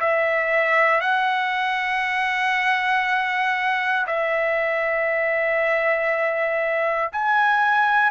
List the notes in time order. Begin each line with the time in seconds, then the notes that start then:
0.00 E5
1.01 F#5
4.07 E5
7.12 G#5